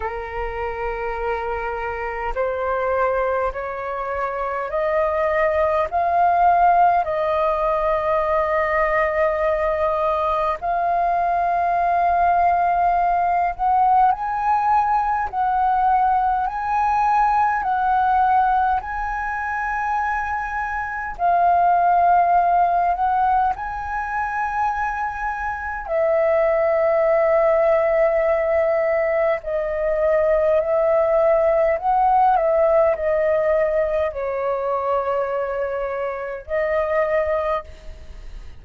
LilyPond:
\new Staff \with { instrumentName = "flute" } { \time 4/4 \tempo 4 = 51 ais'2 c''4 cis''4 | dis''4 f''4 dis''2~ | dis''4 f''2~ f''8 fis''8 | gis''4 fis''4 gis''4 fis''4 |
gis''2 f''4. fis''8 | gis''2 e''2~ | e''4 dis''4 e''4 fis''8 e''8 | dis''4 cis''2 dis''4 | }